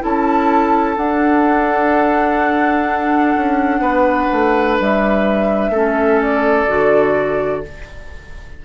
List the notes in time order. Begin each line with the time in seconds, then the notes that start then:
0.00 C#4 E4 A4 A5
0.97 D4 F#5
3.36 C#4
3.80 B3 B4
4.32 A3
4.79 G3 E5
5.69 A3 C#4 A4
6.22 D5
6.68 D3 F#4